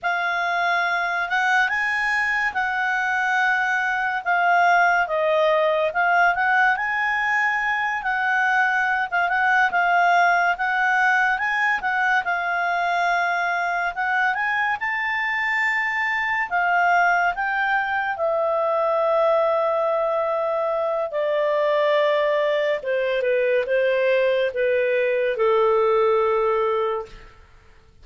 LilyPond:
\new Staff \with { instrumentName = "clarinet" } { \time 4/4 \tempo 4 = 71 f''4. fis''8 gis''4 fis''4~ | fis''4 f''4 dis''4 f''8 fis''8 | gis''4. fis''4~ fis''16 f''16 fis''8 f''8~ | f''8 fis''4 gis''8 fis''8 f''4.~ |
f''8 fis''8 gis''8 a''2 f''8~ | f''8 g''4 e''2~ e''8~ | e''4 d''2 c''8 b'8 | c''4 b'4 a'2 | }